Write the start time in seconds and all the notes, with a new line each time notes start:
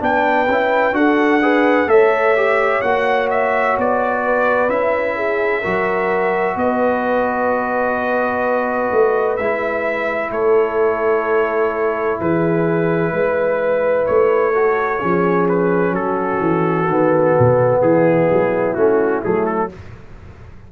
0.00 B3 D4 B4 G5
0.48 C#4 E4
0.93 D4 F#4 A4 F#5
1.42 G#4 B4
1.87 A3 A4 C#5 E5
2.36 G4
2.81 A#3 F#4 F#5
3.30 E5
3.78 B3 D5
4.24 B4
4.69 C#4 E4 E5
5.17 G#4
5.61 F#3 F#4 A#4
6.56 B3 B4 D#5
8.92 A3
9.37 G#3 E4 E5
10.31 A3 A4 C#5
12.20 E3 G#4 B4
13.12 G#3 B4
14.06 A3 C#5
14.53 F#4 A4
14.99 F3 C#4 G#4
15.49 B4
15.91 F#3 F#4 A4
16.41 E3
16.88 D#3 B3
17.39 B2
17.80 E3 E4 G#4
18.31 F#3
18.74 A3 C#4 F#4
19.23 F#3 A3 G#4
19.46 A4